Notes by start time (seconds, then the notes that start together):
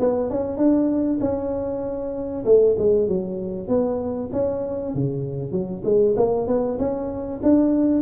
0.00 B3
0.30 C#4
0.58 D4
1.21 C#4
2.45 A3
2.79 G#3
3.08 F#3
3.69 B3
4.33 C#4
4.95 C#3
5.52 F#3
5.85 G#3
6.17 A#3
6.48 B3
6.79 C#4
7.43 D4